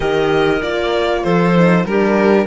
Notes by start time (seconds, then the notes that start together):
0.00 D#3 G4 A#4 D#5
0.62 A#3 F4 D5
1.23 F3 A4 C5
1.55 D#4
1.84 G3 D4 G4 A#4